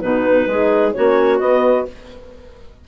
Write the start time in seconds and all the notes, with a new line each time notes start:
0.00 B2 B3 D#4 B4
0.46 G#3 D#4 G#4
0.92 A#3 C#4 F#4 C#5
1.39 B3 D#5